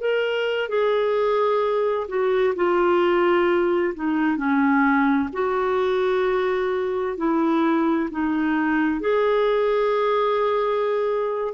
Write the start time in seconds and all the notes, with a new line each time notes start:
0.00 A#4
0.68 G#4
2.08 F#4
2.55 F4
3.94 D#4
4.36 C#4
5.32 F#4
7.17 E4
8.10 D#4
9.00 G#4